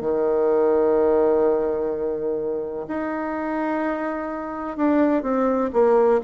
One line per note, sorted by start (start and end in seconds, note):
0.00 2.86 D#3
2.87 4.77 D#4
4.77 5.22 D4
5.22 5.70 C4
5.73 6.20 A#3